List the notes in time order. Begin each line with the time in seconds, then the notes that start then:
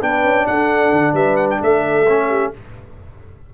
0.00 B3 D4 B4 G5
0.24 C#4
0.46 D4 A4 F#5
0.92 D3
1.13 G3 B4 E5
1.36 F#5
1.50 G5
1.61 A3 A4 E5
2.08 C#4
2.28 G4